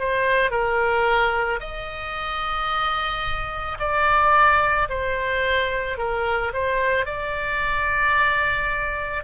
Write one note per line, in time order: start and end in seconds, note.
0.00 0.51 C5
0.51 1.60 A#4
1.61 3.79 D#5
3.80 4.89 D5
4.90 5.98 C5
5.98 6.53 A#4
6.54 7.06 C5
7.06 9.24 D5